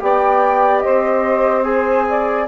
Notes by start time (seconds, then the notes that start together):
0.00 B3 G4 D5 G5
0.80 C4 C5 D#5
1.64 G#4 G#5
2.09 D5